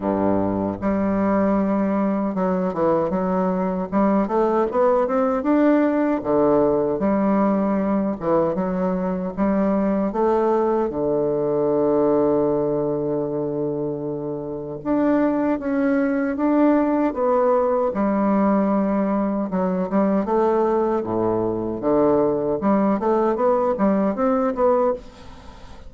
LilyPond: \new Staff \with { instrumentName = "bassoon" } { \time 4/4 \tempo 4 = 77 g,4 g2 fis8 e8 | fis4 g8 a8 b8 c'8 d'4 | d4 g4. e8 fis4 | g4 a4 d2~ |
d2. d'4 | cis'4 d'4 b4 g4~ | g4 fis8 g8 a4 a,4 | d4 g8 a8 b8 g8 c'8 b8 | }